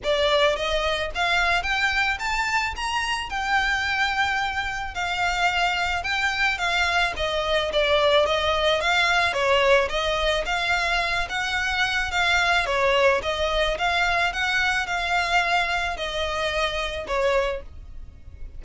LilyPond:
\new Staff \with { instrumentName = "violin" } { \time 4/4 \tempo 4 = 109 d''4 dis''4 f''4 g''4 | a''4 ais''4 g''2~ | g''4 f''2 g''4 | f''4 dis''4 d''4 dis''4 |
f''4 cis''4 dis''4 f''4~ | f''8 fis''4. f''4 cis''4 | dis''4 f''4 fis''4 f''4~ | f''4 dis''2 cis''4 | }